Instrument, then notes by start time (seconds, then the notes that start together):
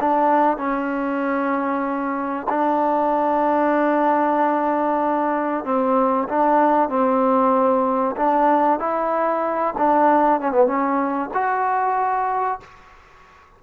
trombone
0.00 D4
0.57 C#4
2.49 D4
5.64 C4
6.28 D4
6.89 C4
8.16 D4
8.79 E4
9.78 D4
10.40 C#4
10.51 B3
10.67 C#4
11.34 F#4